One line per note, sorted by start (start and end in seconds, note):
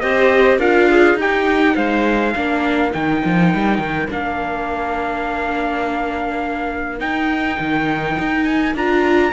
0.00 0.59 C4
0.00 0.60 G4
0.00 0.59 C5
0.00 0.58 D#5
0.59 1.15 D4
0.59 1.18 F4
0.59 0.89 A#4
0.59 1.18 F5
0.90 1.19 G#4
1.15 1.73 D#4
1.15 2.35 D#4
1.15 1.75 G4
1.15 1.76 G5
1.75 2.35 G#3
1.75 2.33 C5
1.75 2.93 F5
2.33 2.94 A#3
2.33 2.92 D4
2.33 9.32 A#4
2.92 3.24 D#3
2.92 4.08 D#4
2.92 4.10 G5
3.25 3.54 F3
3.54 3.79 G3
3.79 4.08 D#3
4.09 7.01 A#3
4.09 6.99 D4
4.09 7.00 F5
6.99 8.74 D#4
6.99 7.59 D#4
6.99 8.45 G5
7.60 8.18 D#3
8.19 8.75 D#4
8.45 8.74 G#5
8.75 9.33 D4
8.75 9.33 F4
8.75 9.33 A#5